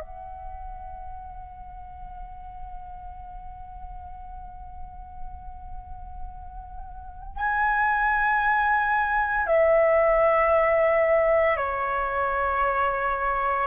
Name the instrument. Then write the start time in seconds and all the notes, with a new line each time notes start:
flute
0.00 F#5
7.36 G#5
9.46 E5
11.56 C#5